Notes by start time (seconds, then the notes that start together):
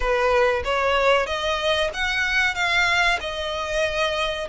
0.00 B4
0.64 C#5
1.26 D#5
1.93 F#5
2.54 F5
3.20 D#5